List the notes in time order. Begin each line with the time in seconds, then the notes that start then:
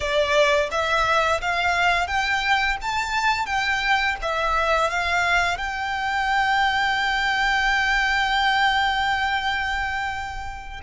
0.00 D5
0.71 E5
1.41 F5
2.07 G5
2.81 A5
3.46 G5
4.22 E5
4.90 F5
5.57 G5